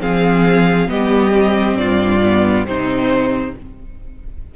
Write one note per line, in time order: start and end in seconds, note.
0.00 0.88 F3
0.00 0.87 C4
0.00 0.89 G#4
0.00 0.89 F5
0.87 1.74 G3
0.87 1.31 B3
0.87 1.78 G4
0.87 1.76 D#5
1.31 2.19 C4
1.74 2.63 G2
1.74 2.66 F4
1.74 2.65 D5
2.23 2.67 B3
2.64 3.52 C3
2.64 3.55 C4
2.64 3.55 D#4
2.64 3.54 C5